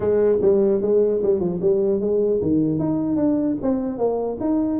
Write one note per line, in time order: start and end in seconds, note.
0.00 0.38 G#3
0.41 0.81 G3
0.81 1.21 G#3
1.22 1.39 G3
1.39 1.59 F3
1.61 2.00 G3
2.00 2.40 G#3
2.41 2.79 D#3
2.79 3.16 D#4
3.16 3.56 D4
3.62 3.98 C4
3.98 4.38 A#3
4.40 4.80 D#4